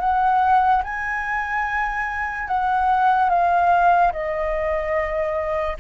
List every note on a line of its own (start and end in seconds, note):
0.00 0.82 F#5
0.84 2.48 G#5
2.48 3.30 F#5
3.30 4.12 F5
4.12 5.77 D#5